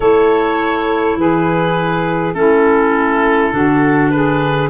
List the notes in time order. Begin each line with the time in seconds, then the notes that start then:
0.00 A3 E4 A4 C#5
1.16 E3 G#4 B4
2.33 A3 C#4 E4 A4
3.52 D3 D4 F#4
4.10 G#4 B4